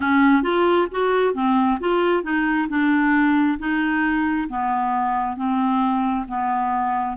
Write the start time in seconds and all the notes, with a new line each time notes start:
0.00 C#4
0.42 F4
0.91 F#4
1.34 C4
1.80 F4
2.23 D#4
2.69 D4
3.58 D#4
4.49 B3
5.36 C4
6.28 B3